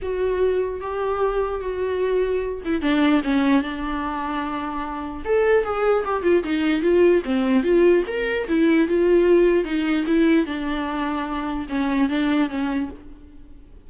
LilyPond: \new Staff \with { instrumentName = "viola" } { \time 4/4 \tempo 4 = 149 fis'2 g'2 | fis'2~ fis'8 e'8 d'4 | cis'4 d'2.~ | d'4 a'4 gis'4 g'8 f'8 |
dis'4 f'4 c'4 f'4 | ais'4 e'4 f'2 | dis'4 e'4 d'2~ | d'4 cis'4 d'4 cis'4 | }